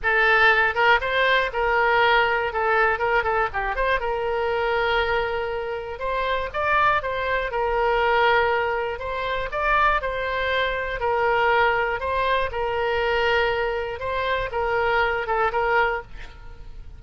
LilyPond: \new Staff \with { instrumentName = "oboe" } { \time 4/4 \tempo 4 = 120 a'4. ais'8 c''4 ais'4~ | ais'4 a'4 ais'8 a'8 g'8 c''8 | ais'1 | c''4 d''4 c''4 ais'4~ |
ais'2 c''4 d''4 | c''2 ais'2 | c''4 ais'2. | c''4 ais'4. a'8 ais'4 | }